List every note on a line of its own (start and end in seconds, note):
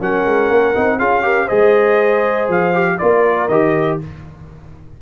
0.00 0.26 F#3
0.00 0.74 C#4
0.00 0.98 A#4
0.00 0.99 F#5
0.26 0.49 G#3
0.49 0.74 A#3
0.74 0.99 C4
0.74 0.99 D#4
0.98 1.49 C#4
0.98 1.22 F4
0.98 1.23 G#4
0.98 1.48 F5
1.22 1.47 G4
1.22 1.45 A#4
1.45 2.48 G#3
1.45 2.73 G#4
1.45 2.95 C5
1.45 2.48 D#5
2.48 2.98 F3
2.48 2.98 F5
2.73 2.98 G4
2.98 3.49 A#3
2.98 3.49 F4
2.98 4.01 A#4
2.98 3.48 D5
3.48 3.99 D#3
3.48 4.01 G4
3.48 3.98 D#5